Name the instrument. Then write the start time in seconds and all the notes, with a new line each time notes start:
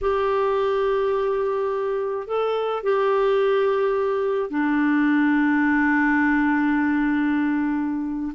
clarinet
0.01 G4
2.27 A4
2.83 G4
4.50 D4